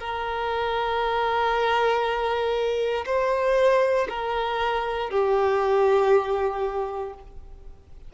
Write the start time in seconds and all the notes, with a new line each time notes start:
0.00 A#4
3.06 C5
4.09 A#4
5.11 G4